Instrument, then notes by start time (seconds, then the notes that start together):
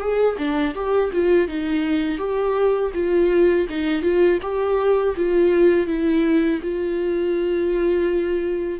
viola
0.00 G#4
0.38 D4
0.75 G4
1.13 F4
1.48 D#4
2.18 G4
2.94 F4
3.69 D#4
4.02 F4
4.42 G4
5.17 F4
5.87 E4
6.62 F4